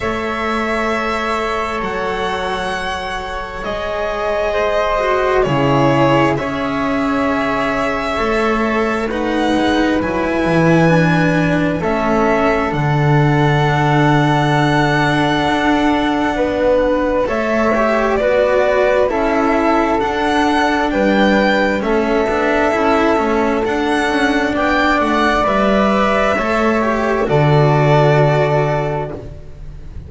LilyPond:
<<
  \new Staff \with { instrumentName = "violin" } { \time 4/4 \tempo 4 = 66 e''2 fis''2 | dis''2 cis''4 e''4~ | e''2 fis''4 gis''4~ | gis''4 e''4 fis''2~ |
fis''2. e''4 | d''4 e''4 fis''4 g''4 | e''2 fis''4 g''8 fis''8 | e''2 d''2 | }
  \new Staff \with { instrumentName = "flute" } { \time 4/4 cis''1~ | cis''4 c''4 gis'4 cis''4~ | cis''2 b'2~ | b'4 a'2.~ |
a'2 b'4 cis''4 | b'4 a'2 b'4 | a'2. d''4~ | d''4 cis''4 a'2 | }
  \new Staff \with { instrumentName = "cello" } { \time 4/4 a'1 | gis'4. fis'8 e'4 gis'4~ | gis'4 a'4 dis'4 e'4 | d'4 cis'4 d'2~ |
d'2. a'8 g'8 | fis'4 e'4 d'2 | cis'8 d'8 e'8 cis'8 d'2 | b'4 a'8 g'8 fis'2 | }
  \new Staff \with { instrumentName = "double bass" } { \time 4/4 a2 fis2 | gis2 cis4 cis'4~ | cis'4 a4. gis8 fis8 e8~ | e4 a4 d2~ |
d4 d'4 b4 a4 | b4 cis'4 d'4 g4 | a8 b8 cis'8 a8 d'8 cis'8 b8 a8 | g4 a4 d2 | }
>>